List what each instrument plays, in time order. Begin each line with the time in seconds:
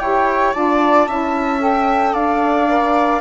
0.00 bassoon E4, saxophone G4, viola C#5, flute G5
0.54 bassoon D4, saxophone F4, viola D5, flute A5
1.08 bassoon C#4, saxophone E4, viola E5
1.60 saxophone A4, flute G5
2.14 bassoon D4, viola D5, flute F5
2.69 saxophone A#4